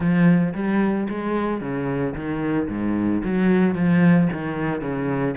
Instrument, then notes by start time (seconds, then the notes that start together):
cello
0.00 F3
0.54 G3
1.09 G#3
1.60 C#3
2.14 D#3
2.68 G#2
3.23 F#3
3.75 F3
4.32 D#3
4.81 C#3